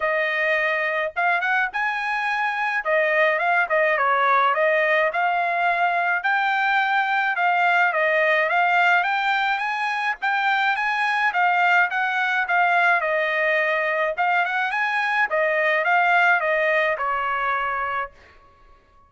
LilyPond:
\new Staff \with { instrumentName = "trumpet" } { \time 4/4 \tempo 4 = 106 dis''2 f''8 fis''8 gis''4~ | gis''4 dis''4 f''8 dis''8 cis''4 | dis''4 f''2 g''4~ | g''4 f''4 dis''4 f''4 |
g''4 gis''4 g''4 gis''4 | f''4 fis''4 f''4 dis''4~ | dis''4 f''8 fis''8 gis''4 dis''4 | f''4 dis''4 cis''2 | }